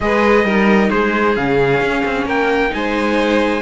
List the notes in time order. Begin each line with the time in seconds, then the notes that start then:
0.00 G#3 G#4 B4 D#5
0.44 G3 D#4 A#4
0.89 G#3 G#4 C5
1.36 C#3 C#4 F5
1.80 C#4
2.05 C4
2.25 A#3 A#4 G5
2.69 G#3 D#4 G#5
2.76 C5